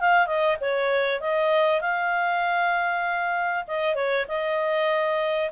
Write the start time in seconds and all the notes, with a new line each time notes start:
0.00 F5
0.26 D#5
0.60 C#5
1.20 D#5
1.81 F5
3.67 D#5
3.95 C#5
4.28 D#5